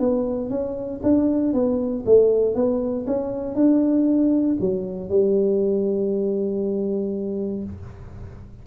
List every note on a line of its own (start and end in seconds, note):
0.00 0.50 B3
0.50 1.01 C#4
1.04 1.54 D4
1.54 2.05 B3
2.06 2.55 A3
2.55 3.06 B3
3.07 3.56 C#4
3.56 4.57 D4
4.61 5.10 F#3
5.10 7.64 G3